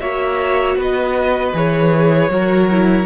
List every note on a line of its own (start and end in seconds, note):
0.00 0.76 A#3
0.00 1.53 F#4
0.00 0.77 C#5
0.00 0.77 E5
0.76 1.53 B3
0.76 2.31 B4
0.76 1.57 D#5
1.53 2.29 E3
1.53 2.30 G#4
1.53 3.06 C#5
2.29 3.06 F#3
2.29 2.68 F#4
2.29 3.06 A#4
2.71 3.06 E4